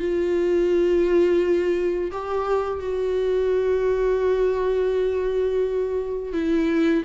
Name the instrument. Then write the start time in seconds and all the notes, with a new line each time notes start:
viola
0.00 F4
2.12 G4
2.80 F#4
6.33 E4